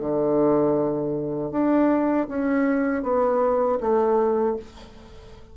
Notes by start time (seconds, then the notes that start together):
0.00 D3
1.51 D4
2.29 C#4
3.03 B3
3.81 A3